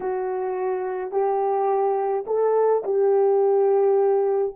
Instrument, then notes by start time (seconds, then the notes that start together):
horn
0.00 F#4
1.11 G4
2.26 A4
2.84 G4